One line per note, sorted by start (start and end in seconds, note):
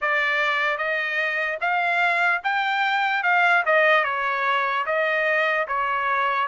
0.01 0.77 D5
0.77 1.58 D#5
1.60 2.41 F5
2.43 3.23 G5
3.23 3.63 F5
3.65 4.04 D#5
4.04 4.85 C#5
4.85 5.66 D#5
5.67 6.47 C#5